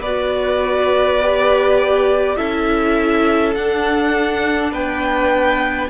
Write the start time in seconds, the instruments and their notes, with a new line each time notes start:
0.00 cello B3, viola F#4, violin B4 D5
1.21 viola G4
2.36 cello C#4, viola E4, violin A4 E5
3.54 cello D4, viola D4, violin F#5
4.71 cello B3, violin B4 G5